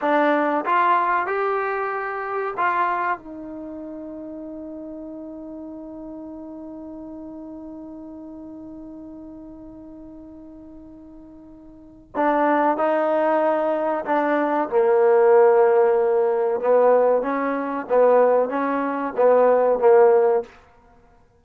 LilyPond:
\new Staff \with { instrumentName = "trombone" } { \time 4/4 \tempo 4 = 94 d'4 f'4 g'2 | f'4 dis'2.~ | dis'1~ | dis'1~ |
dis'2. d'4 | dis'2 d'4 ais4~ | ais2 b4 cis'4 | b4 cis'4 b4 ais4 | }